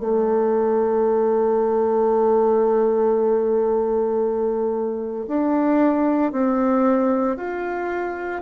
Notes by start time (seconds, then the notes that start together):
0.00 A3
5.28 D4
6.32 C4
7.37 F4